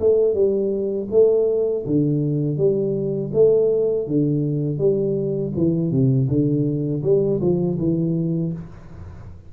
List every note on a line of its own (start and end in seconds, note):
0.00 0.34 A3
0.34 1.08 G3
1.11 1.85 A3
1.86 2.57 D3
2.57 3.31 G3
3.33 4.07 A3
4.07 4.78 D3
4.78 5.53 G3
5.56 5.91 E3
5.91 6.28 C3
6.28 7.02 D3
7.03 7.40 G3
7.41 7.78 F3
7.79 8.53 E3